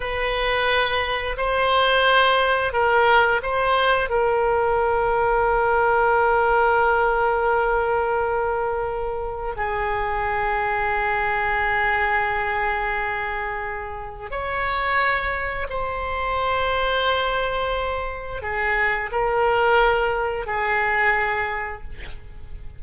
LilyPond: \new Staff \with { instrumentName = "oboe" } { \time 4/4 \tempo 4 = 88 b'2 c''2 | ais'4 c''4 ais'2~ | ais'1~ | ais'2 gis'2~ |
gis'1~ | gis'4 cis''2 c''4~ | c''2. gis'4 | ais'2 gis'2 | }